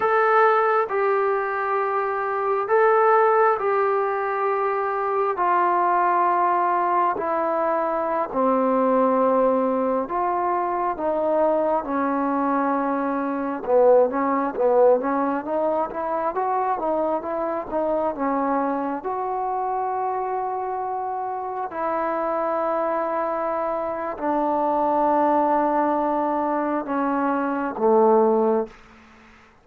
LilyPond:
\new Staff \with { instrumentName = "trombone" } { \time 4/4 \tempo 4 = 67 a'4 g'2 a'4 | g'2 f'2 | e'4~ e'16 c'2 f'8.~ | f'16 dis'4 cis'2 b8 cis'16~ |
cis'16 b8 cis'8 dis'8 e'8 fis'8 dis'8 e'8 dis'16~ | dis'16 cis'4 fis'2~ fis'8.~ | fis'16 e'2~ e'8. d'4~ | d'2 cis'4 a4 | }